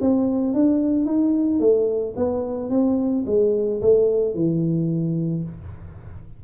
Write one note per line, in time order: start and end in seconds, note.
0.00 0.53 C4
0.53 1.05 D4
1.05 1.59 D#4
1.59 2.14 A3
2.16 2.70 B3
2.70 3.24 C4
3.26 3.81 G#3
3.81 4.34 A3
4.34 5.43 E3